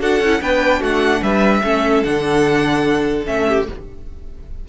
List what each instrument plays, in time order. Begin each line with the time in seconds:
0.00 cello D4, viola F#4, violin A4 F#5
0.20 cello C#4, viola E4
0.41 cello B3, viola D4, violin B4 G5
0.80 cello A3, violin F#4 F#5
1.22 cello G3, violin B4 E5
1.63 cello A3, viola C#4, violin A4
2.03 cello D3, viola D4, violin F#5
3.25 cello A3, viola C#4, violin E5
3.48 violin G4